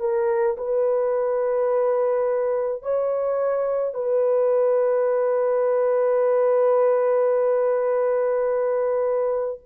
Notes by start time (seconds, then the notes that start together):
0.00 A#4
0.57 B4
2.83 C#5
3.94 B4